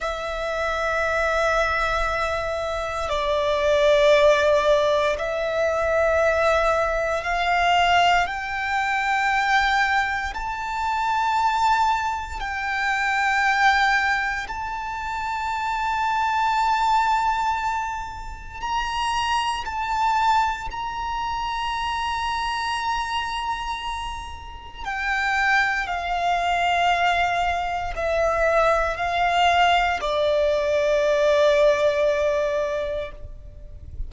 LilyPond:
\new Staff \with { instrumentName = "violin" } { \time 4/4 \tempo 4 = 58 e''2. d''4~ | d''4 e''2 f''4 | g''2 a''2 | g''2 a''2~ |
a''2 ais''4 a''4 | ais''1 | g''4 f''2 e''4 | f''4 d''2. | }